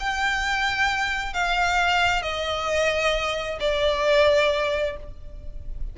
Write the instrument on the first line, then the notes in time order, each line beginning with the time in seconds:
violin
0.00 G5
1.33 F5
2.22 D#5
3.60 D5